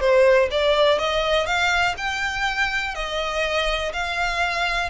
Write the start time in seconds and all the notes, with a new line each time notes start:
0.00 C5
0.50 D5
0.98 D#5
1.46 F5
1.97 G5
2.94 D#5
3.92 F5